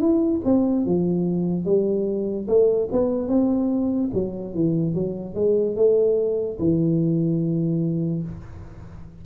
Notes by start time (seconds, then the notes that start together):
0.00 E4
0.45 C4
0.86 F3
1.65 G3
2.48 A3
2.92 B3
3.28 C4
4.14 F#3
4.55 E3
4.95 F#3
5.35 G#3
5.76 A3
6.59 E3